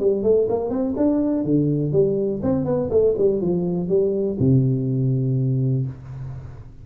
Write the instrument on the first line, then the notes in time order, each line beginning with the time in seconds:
tuba
0.00 G3
0.23 A3
0.49 A#3
0.70 C4
0.97 D4
1.44 D3
1.92 G3
2.43 C4
2.65 B3
2.90 A3
3.18 G3
3.41 F3
3.89 G3
4.40 C3